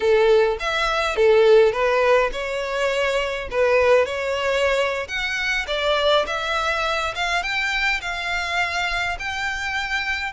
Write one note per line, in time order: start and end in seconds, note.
0.00 0.57 A4
0.59 1.16 E5
1.16 1.72 A4
1.72 2.30 B4
2.32 3.48 C#5
3.50 4.05 B4
4.05 5.07 C#5
5.07 5.66 F#5
5.67 6.25 D5
6.26 7.14 E5
7.15 7.42 F5
7.42 8.00 G5
8.01 9.17 F5
9.19 10.32 G5